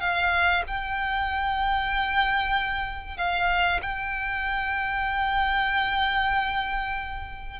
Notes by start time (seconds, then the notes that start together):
0.00 F5
0.67 G5
3.17 F5
3.82 G5